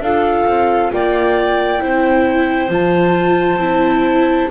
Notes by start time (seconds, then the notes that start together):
0.00 D4 F4 A4 F5
0.46 C4
0.92 A#3 D5 G5
1.79 C4 E4 C5
2.69 F3 F4 A5
3.57 C4 E4